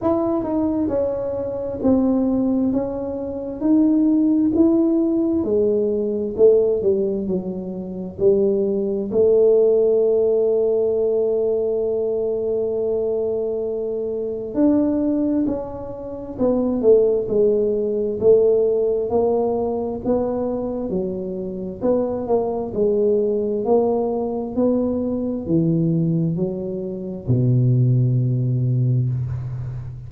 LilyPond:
\new Staff \with { instrumentName = "tuba" } { \time 4/4 \tempo 4 = 66 e'8 dis'8 cis'4 c'4 cis'4 | dis'4 e'4 gis4 a8 g8 | fis4 g4 a2~ | a1 |
d'4 cis'4 b8 a8 gis4 | a4 ais4 b4 fis4 | b8 ais8 gis4 ais4 b4 | e4 fis4 b,2 | }